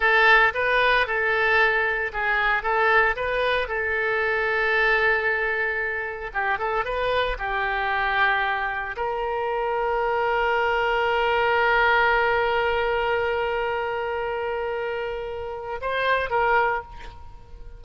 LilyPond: \new Staff \with { instrumentName = "oboe" } { \time 4/4 \tempo 4 = 114 a'4 b'4 a'2 | gis'4 a'4 b'4 a'4~ | a'1 | g'8 a'8 b'4 g'2~ |
g'4 ais'2.~ | ais'1~ | ais'1~ | ais'2 c''4 ais'4 | }